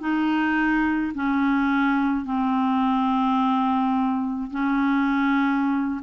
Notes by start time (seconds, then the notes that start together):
0.00 D#4
1.15 C#4
2.25 C4
4.51 C#4